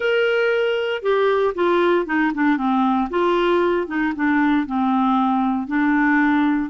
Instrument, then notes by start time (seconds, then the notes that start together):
clarinet
0.00 A#4
1.02 G4
1.54 F4
2.06 D#4
2.34 D4
2.57 C4
3.10 F4
3.87 D#4
4.15 D4
4.66 C4
5.67 D4